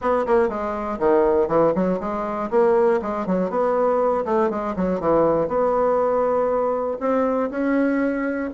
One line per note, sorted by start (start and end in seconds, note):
0.01 0.26 B3
0.26 0.48 A#3
0.48 0.98 G#3
0.99 1.48 D#3
1.48 1.73 E3
1.74 1.99 F#3
2.00 2.50 G#3
2.50 3.00 A#3
3.02 3.26 G#3
3.26 3.50 F#3
3.50 4.25 B3
4.25 4.50 A3
4.50 4.75 G#3
4.76 5.00 F#3
5.00 5.48 E3
5.48 6.98 B3
7.00 7.50 C4
7.50 8.50 C#4